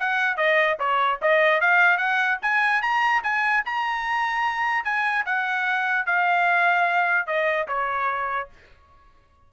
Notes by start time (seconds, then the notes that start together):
0.00 F#5
0.37 D#5
0.80 C#5
1.22 D#5
1.61 F5
1.98 F#5
2.43 G#5
2.82 A#5
3.23 G#5
3.66 A#5
4.85 G#5
5.26 F#5
6.06 F5
7.27 D#5
7.68 C#5